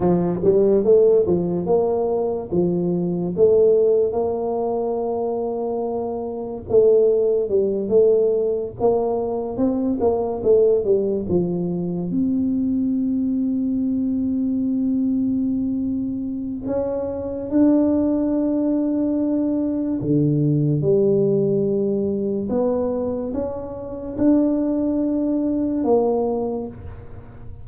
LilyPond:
\new Staff \with { instrumentName = "tuba" } { \time 4/4 \tempo 4 = 72 f8 g8 a8 f8 ais4 f4 | a4 ais2. | a4 g8 a4 ais4 c'8 | ais8 a8 g8 f4 c'4.~ |
c'1 | cis'4 d'2. | d4 g2 b4 | cis'4 d'2 ais4 | }